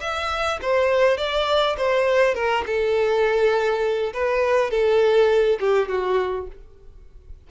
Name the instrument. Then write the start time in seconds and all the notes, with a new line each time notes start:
violin
0.00 E5
0.61 C5
1.17 D5
1.77 C5
2.34 A#4
2.66 A4
4.13 B4
4.70 A4
5.59 G4
5.88 F#4